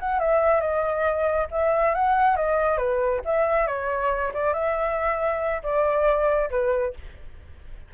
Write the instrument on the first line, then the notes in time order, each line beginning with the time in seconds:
flute
0.00 F#5
0.20 E5
0.61 D#5
1.51 E5
1.95 F#5
2.36 D#5
2.78 B4
3.25 E5
3.67 C#5
4.34 D5
4.54 E5
5.63 D5
6.51 B4